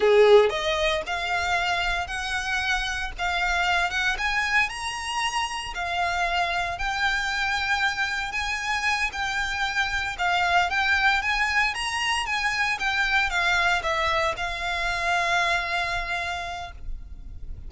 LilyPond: \new Staff \with { instrumentName = "violin" } { \time 4/4 \tempo 4 = 115 gis'4 dis''4 f''2 | fis''2 f''4. fis''8 | gis''4 ais''2 f''4~ | f''4 g''2. |
gis''4. g''2 f''8~ | f''8 g''4 gis''4 ais''4 gis''8~ | gis''8 g''4 f''4 e''4 f''8~ | f''1 | }